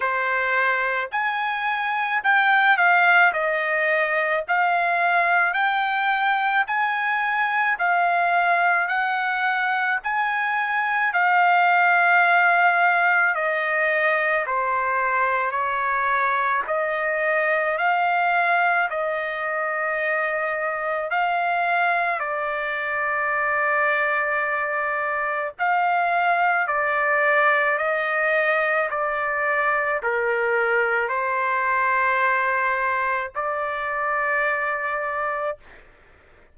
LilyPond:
\new Staff \with { instrumentName = "trumpet" } { \time 4/4 \tempo 4 = 54 c''4 gis''4 g''8 f''8 dis''4 | f''4 g''4 gis''4 f''4 | fis''4 gis''4 f''2 | dis''4 c''4 cis''4 dis''4 |
f''4 dis''2 f''4 | d''2. f''4 | d''4 dis''4 d''4 ais'4 | c''2 d''2 | }